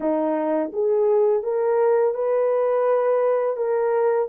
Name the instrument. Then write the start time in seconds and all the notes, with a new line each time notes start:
horn
0.00 D#4
0.72 G#4
1.43 A#4
2.14 B4
3.56 A#4